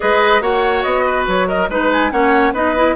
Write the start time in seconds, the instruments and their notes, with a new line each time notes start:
0.00 bassoon G#3, clarinet G#4, oboe B4, flute D#5
0.40 bassoon A#3, clarinet F#4, oboe C#5, flute F#5
0.82 bassoon B3, flute D#5
1.05 oboe B4
1.27 bassoon F#3, flute C#5
1.47 oboe A#4, flute D#5
1.69 bassoon G#3, clarinet D#4, oboe B4, flute B4
1.92 flute G#5
2.11 bassoon A#3, clarinet C#4, oboe C#5, flute F#5
2.52 bassoon B3, clarinet D#4, oboe B4, flute D#5
2.76 clarinet E4